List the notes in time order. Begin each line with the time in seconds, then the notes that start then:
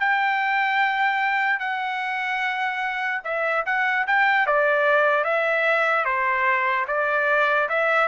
0.00 G5
1.60 F#5
3.24 E5
3.66 F#5
4.07 G5
4.47 D5
5.24 E5
6.05 C5
6.88 D5
7.69 E5